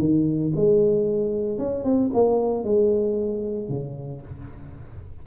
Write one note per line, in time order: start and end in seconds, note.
0.00 0.53 D#3
0.56 1.59 G#3
1.59 1.84 C#4
1.84 2.11 C4
2.14 2.65 A#3
2.65 3.69 G#3
3.69 4.22 C#3